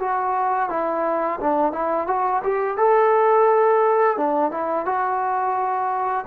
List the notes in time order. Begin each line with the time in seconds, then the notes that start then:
0.00 F#4
0.70 E4
1.40 D4
1.73 E4
2.07 F#4
2.44 G4
2.78 A4
4.17 D4
4.51 E4
4.86 F#4